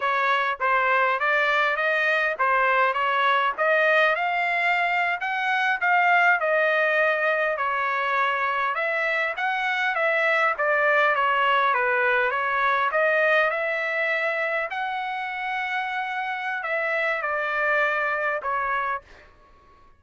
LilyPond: \new Staff \with { instrumentName = "trumpet" } { \time 4/4 \tempo 4 = 101 cis''4 c''4 d''4 dis''4 | c''4 cis''4 dis''4 f''4~ | f''8. fis''4 f''4 dis''4~ dis''16~ | dis''8. cis''2 e''4 fis''16~ |
fis''8. e''4 d''4 cis''4 b'16~ | b'8. cis''4 dis''4 e''4~ e''16~ | e''8. fis''2.~ fis''16 | e''4 d''2 cis''4 | }